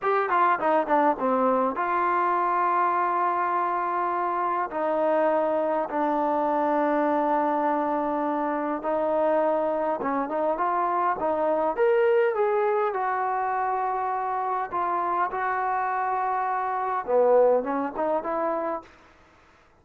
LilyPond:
\new Staff \with { instrumentName = "trombone" } { \time 4/4 \tempo 4 = 102 g'8 f'8 dis'8 d'8 c'4 f'4~ | f'1 | dis'2 d'2~ | d'2. dis'4~ |
dis'4 cis'8 dis'8 f'4 dis'4 | ais'4 gis'4 fis'2~ | fis'4 f'4 fis'2~ | fis'4 b4 cis'8 dis'8 e'4 | }